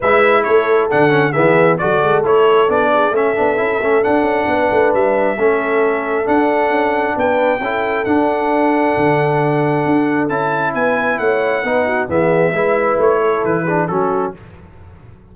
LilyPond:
<<
  \new Staff \with { instrumentName = "trumpet" } { \time 4/4 \tempo 4 = 134 e''4 cis''4 fis''4 e''4 | d''4 cis''4 d''4 e''4~ | e''4 fis''2 e''4~ | e''2 fis''2 |
g''2 fis''2~ | fis''2. a''4 | gis''4 fis''2 e''4~ | e''4 cis''4 b'4 a'4 | }
  \new Staff \with { instrumentName = "horn" } { \time 4/4 b'4 a'2 gis'4 | a'2~ a'8 gis'8 a'4~ | a'2 b'2 | a'1 |
b'4 a'2.~ | a'1 | b'4 cis''4 b'8 fis'8 gis'4 | b'4. a'4 gis'8 fis'4 | }
  \new Staff \with { instrumentName = "trombone" } { \time 4/4 e'2 d'8 cis'8 b4 | fis'4 e'4 d'4 cis'8 d'8 | e'8 cis'8 d'2. | cis'2 d'2~ |
d'4 e'4 d'2~ | d'2. e'4~ | e'2 dis'4 b4 | e'2~ e'8 d'8 cis'4 | }
  \new Staff \with { instrumentName = "tuba" } { \time 4/4 gis4 a4 d4 e4 | fis8 gis8 a4 b4 a8 b8 | cis'8 a8 d'8 cis'8 b8 a8 g4 | a2 d'4 cis'4 |
b4 cis'4 d'2 | d2 d'4 cis'4 | b4 a4 b4 e4 | gis4 a4 e4 fis4 | }
>>